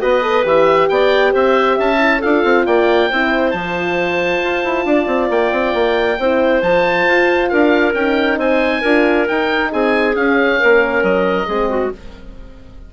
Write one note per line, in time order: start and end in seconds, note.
0.00 0.45 B3
0.00 0.22 F#4
0.00 0.89 B4
0.00 0.46 D#5
0.22 0.43 A4
0.43 0.89 E3
0.43 1.98 G4
0.43 0.89 E5
0.89 1.34 B3
0.89 1.32 D5
0.89 1.33 G5
1.32 1.79 C4
1.32 1.75 C5
1.32 1.79 E5
1.75 2.23 C#4
1.75 2.19 E5
1.75 2.22 A5
1.99 2.21 E4
2.19 2.44 D4
2.19 3.11 F4
2.19 2.63 A4
2.19 2.66 F5
2.44 2.66 C4
2.66 3.11 A#3
2.66 3.09 D5
2.66 3.51 G5
3.09 3.53 C4
3.09 3.55 E4
3.09 4.86 C5
3.51 4.42 F3
3.51 6.20 F4
3.51 5.28 A5
4.44 4.65 F4
4.65 4.86 E4
4.86 5.07 D4
4.86 6.20 D5
5.07 5.29 C4
5.30 5.52 A#3
5.30 6.62 G5
5.52 5.74 C4
5.74 6.19 A#3
6.19 6.62 C4
6.19 6.64 E4
6.19 7.51 C5
6.62 7.07 F3
6.62 7.96 F4
6.62 7.49 A5
7.07 7.51 F4
7.49 7.94 D4
7.49 8.38 A#4
7.49 7.93 F5
7.94 8.38 C#4
7.94 8.84 D#4
7.94 8.39 G5
8.38 8.82 C4
8.38 8.81 C5
8.38 9.28 G#5
8.81 9.28 D4
8.81 9.28 F4
8.81 9.70 A#4
9.28 10.15 D#4
9.28 9.73 D#4
9.28 9.72 G5
9.72 10.16 C4
9.72 10.60 G#4
9.72 10.16 G#5
10.15 11.48 C#4
10.15 10.60 C#4
10.15 11.04 F5
10.60 11.03 A#3
10.60 11.47 A#4
11.03 11.47 F#3
11.03 11.92 D#5
11.47 11.92 G#3
11.47 11.93 C4
11.47 11.69 G#4
11.70 11.92 F#4